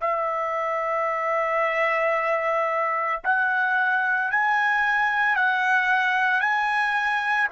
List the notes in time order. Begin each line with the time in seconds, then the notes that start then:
0.00 E5
3.23 F#5
4.31 G#5
5.35 F#5
6.40 G#5